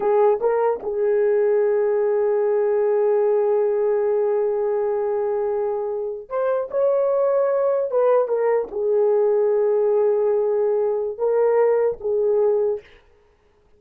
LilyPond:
\new Staff \with { instrumentName = "horn" } { \time 4/4 \tempo 4 = 150 gis'4 ais'4 gis'2~ | gis'1~ | gis'1~ | gis'2.~ gis'8. c''16~ |
c''8. cis''2. b'16~ | b'8. ais'4 gis'2~ gis'16~ | gis'1 | ais'2 gis'2 | }